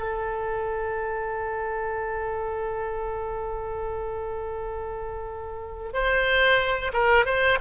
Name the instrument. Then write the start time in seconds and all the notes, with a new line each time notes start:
oboe
0.00 A4
5.94 C5
6.94 A#4
7.26 C5